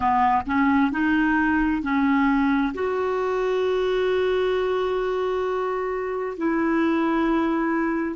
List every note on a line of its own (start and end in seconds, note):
0.00 0.42 B3
0.46 0.91 C#4
0.91 1.82 D#4
1.82 2.73 C#4
2.74 6.37 F#4
6.37 8.16 E4